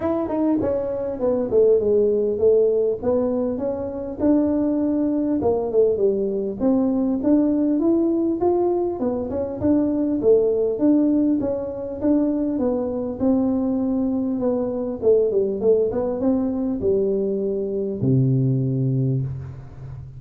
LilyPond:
\new Staff \with { instrumentName = "tuba" } { \time 4/4 \tempo 4 = 100 e'8 dis'8 cis'4 b8 a8 gis4 | a4 b4 cis'4 d'4~ | d'4 ais8 a8 g4 c'4 | d'4 e'4 f'4 b8 cis'8 |
d'4 a4 d'4 cis'4 | d'4 b4 c'2 | b4 a8 g8 a8 b8 c'4 | g2 c2 | }